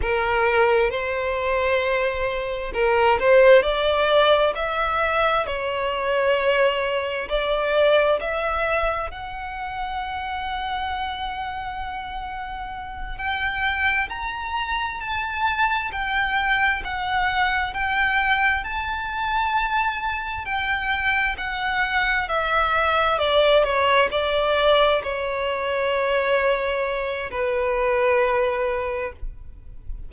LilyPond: \new Staff \with { instrumentName = "violin" } { \time 4/4 \tempo 4 = 66 ais'4 c''2 ais'8 c''8 | d''4 e''4 cis''2 | d''4 e''4 fis''2~ | fis''2~ fis''8 g''4 ais''8~ |
ais''8 a''4 g''4 fis''4 g''8~ | g''8 a''2 g''4 fis''8~ | fis''8 e''4 d''8 cis''8 d''4 cis''8~ | cis''2 b'2 | }